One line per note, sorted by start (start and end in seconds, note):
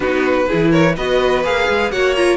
0.00 0.46 B3
0.00 0.48 D#4
0.00 0.47 F#4
0.00 0.71 B4
0.48 0.97 E3
0.48 0.97 E4
0.48 0.70 G#4
0.70 0.94 A#4
0.70 0.95 C#5
0.96 1.44 B3
0.96 1.44 F#4
0.96 1.92 B4
0.96 1.44 D#5
1.44 1.68 A#3
1.44 1.91 G#4
1.44 1.91 F5
1.68 1.92 G#3
1.91 2.36 A#3
1.91 2.15 F#4
1.91 2.36 C#5
1.91 2.15 F#5
2.15 2.36 F4
2.15 2.36 A#5